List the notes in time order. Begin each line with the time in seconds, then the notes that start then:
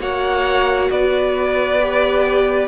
0.00 A#3 F#4 C#5 F#5
0.91 B3 B4 D5
1.81 G4